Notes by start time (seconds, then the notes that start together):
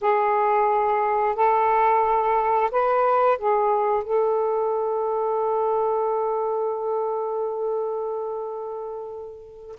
0.01 G#4
1.35 A4
2.71 B4
3.37 G#4
4.03 A4